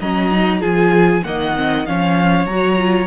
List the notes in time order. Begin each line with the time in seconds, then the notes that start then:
0.00 F#3 C#4 D#5 A#5
0.31 D#4
0.60 F3 F4 G#4 G#5
1.24 D#3 A#3 D#5 F#5
1.55 C4
1.86 F3 C#4 C#5 F5
2.45 F#3 F#4 A#5
2.77 F4